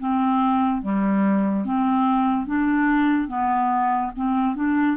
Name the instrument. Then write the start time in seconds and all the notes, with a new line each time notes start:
clarinet
0.00 C4
0.82 G3
1.65 C4
2.47 D4
3.28 B3
4.16 C4
4.56 D4